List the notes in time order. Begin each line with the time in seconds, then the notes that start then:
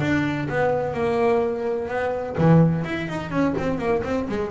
0.00 D4
0.48 B3
0.93 A#3
1.88 B3
2.38 E3
2.84 E4
3.08 D#4
3.30 C#4
3.57 C4
3.78 A#3
4.03 C4
4.28 G#3